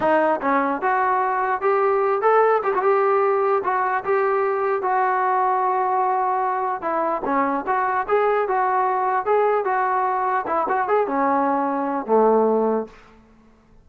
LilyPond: \new Staff \with { instrumentName = "trombone" } { \time 4/4 \tempo 4 = 149 dis'4 cis'4 fis'2 | g'4. a'4 g'16 fis'16 g'4~ | g'4 fis'4 g'2 | fis'1~ |
fis'4 e'4 cis'4 fis'4 | gis'4 fis'2 gis'4 | fis'2 e'8 fis'8 gis'8 cis'8~ | cis'2 a2 | }